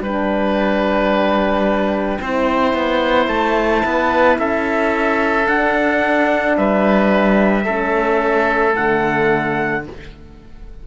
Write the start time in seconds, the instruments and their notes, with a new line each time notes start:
0.00 cello G3, horn D4, oboe B4, trumpet G5
2.20 cello C4, horn E4, oboe C5
2.73 cello B3
3.27 cello A3, trumpet A5
3.85 cello B3, oboe B4
4.38 cello C#4, oboe A4, trumpet E5
5.46 horn D4, cello D4, trumpet F#5
6.57 cello G3, oboe B4, trumpet E5
7.64 cello A3, horn C#4, oboe A4
8.73 cello D3, horn A3, trumpet F#5